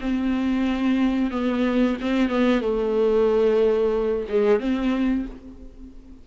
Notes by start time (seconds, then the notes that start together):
0.00 C4
1.30 B3
2.00 C4
2.29 B3
2.61 A3
4.28 G#3
4.59 C4